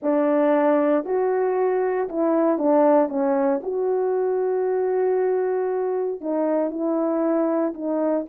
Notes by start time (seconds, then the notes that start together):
0.02 D4
1.05 F#4
2.09 E4
2.58 D4
3.08 C#4
3.62 F#4
6.20 D#4
6.70 E4
7.74 D#4